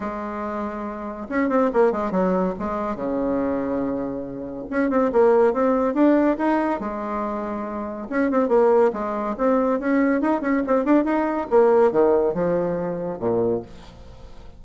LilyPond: \new Staff \with { instrumentName = "bassoon" } { \time 4/4 \tempo 4 = 141 gis2. cis'8 c'8 | ais8 gis8 fis4 gis4 cis4~ | cis2. cis'8 c'8 | ais4 c'4 d'4 dis'4 |
gis2. cis'8 c'8 | ais4 gis4 c'4 cis'4 | dis'8 cis'8 c'8 d'8 dis'4 ais4 | dis4 f2 ais,4 | }